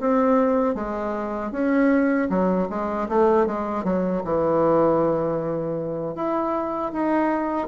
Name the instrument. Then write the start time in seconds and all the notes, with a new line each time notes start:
bassoon
0.00 C4
0.75 G#3
1.52 C#4
2.30 F#3
2.70 G#3
3.09 A3
3.47 G#3
3.84 F#3
4.24 E3
6.15 E4
6.93 D#4